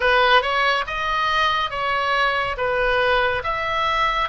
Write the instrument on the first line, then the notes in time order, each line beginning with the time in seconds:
oboe
0.00 B4
0.41 C#5
0.86 D#5
1.70 C#5
2.57 B4
3.43 E5